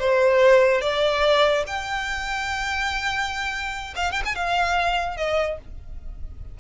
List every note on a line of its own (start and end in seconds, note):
0.00 0.82 C5
0.82 1.65 D5
1.67 3.95 G5
3.96 4.12 F5
4.12 4.22 G5
4.26 4.36 G#5
4.36 5.17 F5
5.17 5.59 D#5